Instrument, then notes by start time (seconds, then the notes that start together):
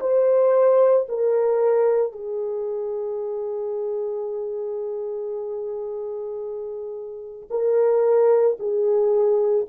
horn
0.00 C5
1.08 A#4
2.12 G#4
7.50 A#4
8.59 G#4